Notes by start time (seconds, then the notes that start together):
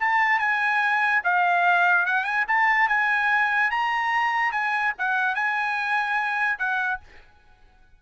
0.00 A5
0.39 G#5
1.24 F5
2.06 F#5
2.24 G#5
2.48 A5
2.89 G#5
3.71 A#5
4.52 G#5
4.98 F#5
5.35 G#5
6.59 F#5